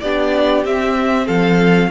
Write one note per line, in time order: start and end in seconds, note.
0.00 0.64 B3
0.00 0.65 D4
0.00 1.26 G4
0.00 0.63 D5
0.64 1.28 C4
0.64 1.91 C4
0.64 1.27 E5
1.26 1.91 F3
1.26 1.89 A4
1.26 1.91 F5